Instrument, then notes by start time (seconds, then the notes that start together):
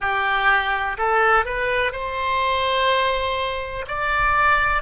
oboe
0.00 G4
0.97 A4
1.45 B4
1.92 C5
3.87 D5